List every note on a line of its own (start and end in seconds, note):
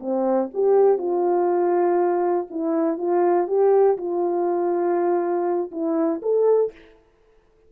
0.00 0.50 C4
0.54 0.98 G4
0.98 2.47 F4
2.50 2.98 E4
2.98 3.47 F4
3.48 3.97 G4
3.98 5.71 F4
5.71 6.21 E4
6.22 6.72 A4